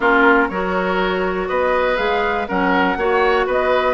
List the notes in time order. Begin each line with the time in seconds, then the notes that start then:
0.00 A#3 C#4 F4 A#4
0.48 F#3 F#4 A#4 C#5
1.48 B3 B4 D#5
1.96 G#3 G#4 F5
2.48 F#3 C#4 A#4 F#5
2.96 A#3 F#4 C#5
3.46 B3 B4 D#5